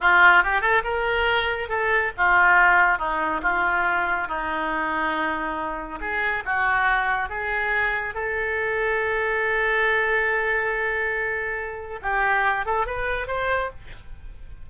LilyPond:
\new Staff \with { instrumentName = "oboe" } { \time 4/4 \tempo 4 = 140 f'4 g'8 a'8 ais'2 | a'4 f'2 dis'4 | f'2 dis'2~ | dis'2 gis'4 fis'4~ |
fis'4 gis'2 a'4~ | a'1~ | a'1 | g'4. a'8 b'4 c''4 | }